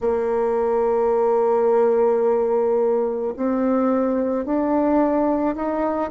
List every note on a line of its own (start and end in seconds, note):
0.01 3.34 A#3
3.36 4.45 C4
4.45 5.55 D4
5.55 6.10 D#4